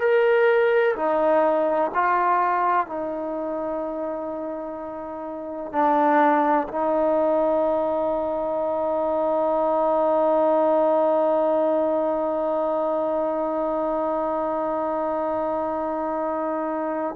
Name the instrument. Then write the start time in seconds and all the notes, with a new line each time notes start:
trombone
0.00 A#4
0.96 D#4
1.94 F4
2.87 D#4
5.72 D4
6.68 D#4